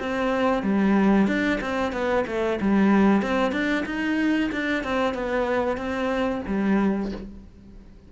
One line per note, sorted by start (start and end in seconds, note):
0.00 0.63 C4
0.63 1.28 G3
1.28 1.60 D4
1.61 1.93 C4
1.93 2.25 B3
2.27 2.60 A3
2.61 3.22 G3
3.22 3.52 C4
3.52 3.85 D4
3.86 4.51 D#4
4.53 4.84 D4
4.84 5.15 C4
5.15 5.78 B3
5.78 6.42 C4
6.48 7.12 G3